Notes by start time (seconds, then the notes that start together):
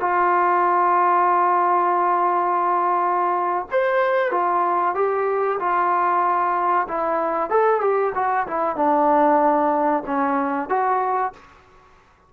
0.00 F4
3.71 C5
4.31 F4
4.95 G4
5.60 F4
6.88 E4
7.50 A4
7.81 G4
8.15 F#4
8.47 E4
8.76 D4
10.06 C#4
10.69 F#4